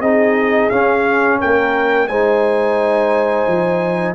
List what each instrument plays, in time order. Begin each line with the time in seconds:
0.00 tuba C4, trombone D#4, horn G#4, trumpet D#5
0.69 trombone C#4, tuba C#4, trumpet F5
1.40 tuba A#3, horn A#4, trumpet G5
2.08 tuba G#3, trombone D#4, horn C5, trumpet G#5
3.47 tuba F3